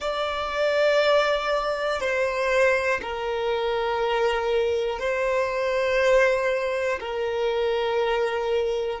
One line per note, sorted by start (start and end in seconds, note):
0.00 2.00 D5
2.00 3.00 C5
3.01 4.99 A#4
4.99 6.99 C5
7.00 9.00 A#4